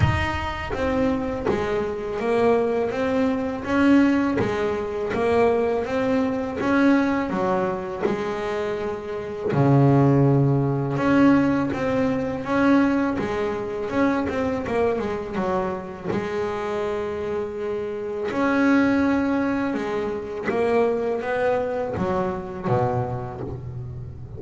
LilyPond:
\new Staff \with { instrumentName = "double bass" } { \time 4/4 \tempo 4 = 82 dis'4 c'4 gis4 ais4 | c'4 cis'4 gis4 ais4 | c'4 cis'4 fis4 gis4~ | gis4 cis2 cis'4 |
c'4 cis'4 gis4 cis'8 c'8 | ais8 gis8 fis4 gis2~ | gis4 cis'2 gis4 | ais4 b4 fis4 b,4 | }